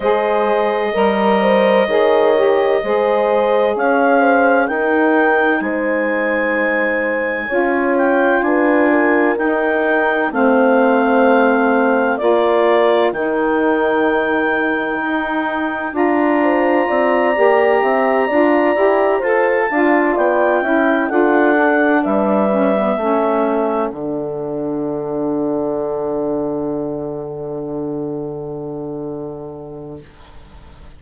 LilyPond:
<<
  \new Staff \with { instrumentName = "clarinet" } { \time 4/4 \tempo 4 = 64 dis''1 | f''4 g''4 gis''2~ | gis''8 g''8 gis''4 g''4 f''4~ | f''4 d''4 g''2~ |
g''4 ais''2.~ | ais''8 a''4 g''4 fis''4 e''8~ | e''4. fis''2~ fis''8~ | fis''1 | }
  \new Staff \with { instrumentName = "horn" } { \time 4/4 c''4 ais'8 c''8 cis''4 c''4 | cis''8 c''8 ais'4 c''2 | cis''4 b'8 ais'4. c''4~ | c''4 ais'2.~ |
ais'4. c''8 d''4 e''8 d''8~ | d''8 c''8 f''8 d''8 e''8 a'4 b'8~ | b'8 a'2.~ a'8~ | a'1 | }
  \new Staff \with { instrumentName = "saxophone" } { \time 4/4 gis'4 ais'4 gis'8 g'8 gis'4~ | gis'4 dis'2. | f'2 dis'4 c'4~ | c'4 f'4 dis'2~ |
dis'4 f'4. g'4 f'8 | g'8 a'8 f'4 e'8 f'8 d'4 | cis'16 b16 cis'4 d'2~ d'8~ | d'1 | }
  \new Staff \with { instrumentName = "bassoon" } { \time 4/4 gis4 g4 dis4 gis4 | cis'4 dis'4 gis2 | cis'4 d'4 dis'4 a4~ | a4 ais4 dis2 |
dis'4 d'4 c'8 ais8 c'8 d'8 | e'8 f'8 d'8 b8 cis'8 d'4 g8~ | g8 a4 d2~ d8~ | d1 | }
>>